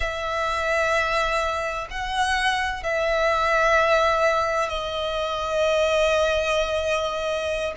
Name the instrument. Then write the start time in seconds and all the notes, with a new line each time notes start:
violin
0.00 E5
1.90 F#5
2.83 E5
4.69 D#5